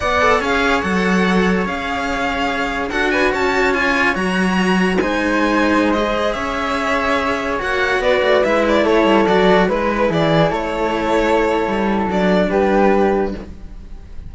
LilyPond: <<
  \new Staff \with { instrumentName = "violin" } { \time 4/4 \tempo 4 = 144 fis''4 f''4 fis''2 | f''2. fis''8 gis''8 | a''4 gis''4 ais''2 | gis''2~ gis''16 dis''4 e''8.~ |
e''2~ e''16 fis''4 d''8.~ | d''16 e''8 d''8 cis''4 d''4 b'8.~ | b'16 d''4 cis''2~ cis''8.~ | cis''4 d''4 b'2 | }
  \new Staff \with { instrumentName = "flute" } { \time 4/4 d''4 cis''2.~ | cis''2. a'8 b'8 | cis''1 | c''2.~ c''16 cis''8.~ |
cis''2.~ cis''16 b'8.~ | b'4~ b'16 a'2 b'8.~ | b'16 gis'4 a'2~ a'8.~ | a'2 g'2 | }
  \new Staff \with { instrumentName = "cello" } { \time 4/4 b'8 a'8 gis'4 a'2 | gis'2. fis'4~ | fis'4 f'4 fis'2 | dis'2~ dis'16 gis'4.~ gis'16~ |
gis'2~ gis'16 fis'4.~ fis'16~ | fis'16 e'2 fis'4 e'8.~ | e'1~ | e'4 d'2. | }
  \new Staff \with { instrumentName = "cello" } { \time 4/4 b4 cis'4 fis2 | cis'2. d'4 | cis'2 fis2 | gis2.~ gis16 cis'8.~ |
cis'2~ cis'16 ais4 b8 a16~ | a16 gis4 a8 g8 fis4 gis8.~ | gis16 e4 a2~ a8. | g4 fis4 g2 | }
>>